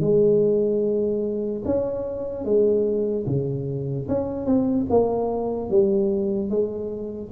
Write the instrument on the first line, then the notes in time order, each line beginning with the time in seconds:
tuba
0.00 G#3
1.65 C#4
2.44 G#3
3.26 C#3
4.08 C#4
4.46 C4
4.90 A#3
5.69 G3
6.49 G#3